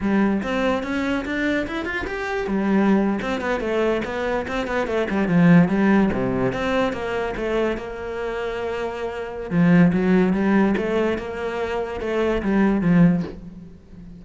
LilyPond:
\new Staff \with { instrumentName = "cello" } { \time 4/4 \tempo 4 = 145 g4 c'4 cis'4 d'4 | e'8 f'8 g'4 g4.~ g16 c'16~ | c'16 b8 a4 b4 c'8 b8 a16~ | a16 g8 f4 g4 c4 c'16~ |
c'8. ais4 a4 ais4~ ais16~ | ais2. f4 | fis4 g4 a4 ais4~ | ais4 a4 g4 f4 | }